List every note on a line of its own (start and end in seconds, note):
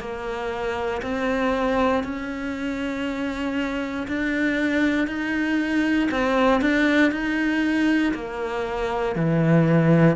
0.00 1.02 A#3
1.02 2.04 C4
2.04 4.07 C#4
4.08 5.08 D4
5.08 6.09 D#4
6.12 6.61 C4
6.61 7.12 D4
7.12 8.14 D#4
8.14 9.16 A#3
9.16 10.16 E3